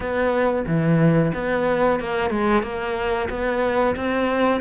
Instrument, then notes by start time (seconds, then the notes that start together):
cello
0.00 B3
0.66 E3
1.34 B3
1.99 A#3
2.30 G#3
2.62 A#3
3.29 B3
3.96 C4